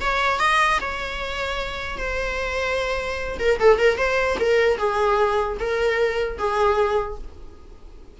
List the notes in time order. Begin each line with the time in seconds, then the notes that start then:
0.00 C#5
0.39 D#5
0.81 C#5
1.97 C5
3.39 A#4
3.59 A4
3.78 A#4
3.97 C5
4.39 A#4
4.77 G#4
5.59 A#4
6.38 G#4